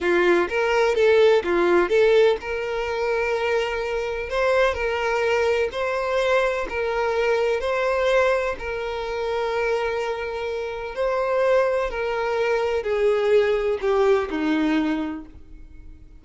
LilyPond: \new Staff \with { instrumentName = "violin" } { \time 4/4 \tempo 4 = 126 f'4 ais'4 a'4 f'4 | a'4 ais'2.~ | ais'4 c''4 ais'2 | c''2 ais'2 |
c''2 ais'2~ | ais'2. c''4~ | c''4 ais'2 gis'4~ | gis'4 g'4 dis'2 | }